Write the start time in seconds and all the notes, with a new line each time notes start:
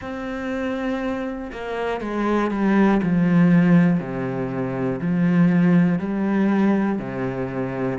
0.01 C4
1.52 A#3
2.00 G#3
2.50 G3
3.02 F3
4.00 C3
5.00 F3
5.99 G3
6.99 C3